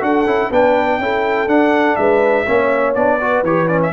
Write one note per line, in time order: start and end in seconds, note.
0.00 0.25 D4
0.00 0.24 F#4
0.00 0.51 A4
0.00 0.52 F#5
0.25 0.49 C#4
0.25 0.51 E4
0.51 0.98 B3
0.51 1.01 D4
0.51 0.99 B4
0.51 1.48 G5
0.98 1.47 C#4
0.98 1.48 E4
0.98 1.99 A4
1.47 1.96 D4
1.47 2.45 D4
1.47 1.96 F#5
1.96 2.46 G#3
1.96 2.46 B4
1.96 2.93 E5
2.46 2.95 A#3
2.46 2.95 C#4
2.46 3.19 C#5
2.95 3.42 B3
2.95 3.19 D4
2.95 3.43 D5
3.20 3.45 F#4
3.20 3.92 B4
3.42 3.91 E3
3.42 3.68 G4
3.42 3.68 C#5
3.68 3.92 C#4
3.68 3.80 D5
3.83 3.92 E5